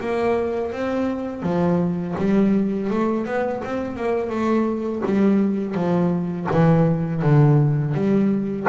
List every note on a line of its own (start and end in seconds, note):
0.00 0.72 A#3
0.72 1.43 C4
1.43 2.15 F3
2.18 2.90 G3
2.90 3.26 A3
3.26 3.62 B3
3.64 3.96 C4
3.96 4.30 A#3
4.30 5.02 A3
5.05 5.74 G3
5.74 6.47 F3
6.51 7.22 E3
7.22 7.94 D3
7.94 8.66 G3